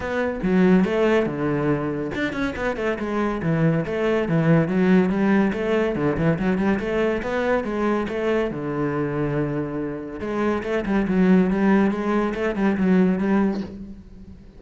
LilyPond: \new Staff \with { instrumentName = "cello" } { \time 4/4 \tempo 4 = 141 b4 fis4 a4 d4~ | d4 d'8 cis'8 b8 a8 gis4 | e4 a4 e4 fis4 | g4 a4 d8 e8 fis8 g8 |
a4 b4 gis4 a4 | d1 | gis4 a8 g8 fis4 g4 | gis4 a8 g8 fis4 g4 | }